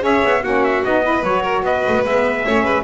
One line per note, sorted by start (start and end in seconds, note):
0.00 0.23 C#4
0.00 0.40 G#4
0.00 0.43 C#5
0.00 0.44 E5
0.24 0.43 B3
0.43 0.83 A#3
0.43 0.84 C#4
0.43 1.03 F#4
0.43 0.64 F#5
0.64 0.84 E5
0.84 1.23 B3
0.84 1.03 D#4
0.84 1.24 D#5
1.03 1.23 E4
1.03 1.42 B4
1.23 1.62 F#3
1.23 2.05 F#4
1.23 1.64 C#5
1.42 1.62 A#4
1.62 1.82 B3
1.62 2.45 B4
1.62 2.05 D#5
1.88 1.96 A3
1.96 2.05 B3
2.05 2.45 G#3
2.05 2.46 B3
2.05 2.84 E5
2.45 2.64 A3
2.45 2.84 C#4
2.45 2.64 C#5
2.64 2.84 G#3
2.64 2.84 B4